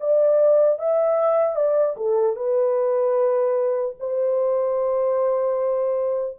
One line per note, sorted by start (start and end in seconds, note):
0.00 0.79 D5
0.79 1.56 E5
1.56 1.96 D5
1.97 2.36 A4
2.36 3.96 B4
4.00 6.39 C5